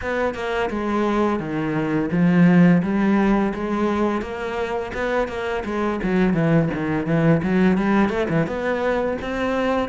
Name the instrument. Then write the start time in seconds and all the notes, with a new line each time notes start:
cello
0.01 B3
0.34 A#3
0.70 G#3
1.39 D#3
2.11 F3
2.82 G3
3.54 G#3
4.21 A#3
4.93 B3
5.28 A#3
5.64 G#3
6.03 F#3
6.33 E3
6.73 D#3
7.06 E3
7.42 F#3
7.77 G3
8.09 A3
8.29 E3
8.46 B3
9.21 C4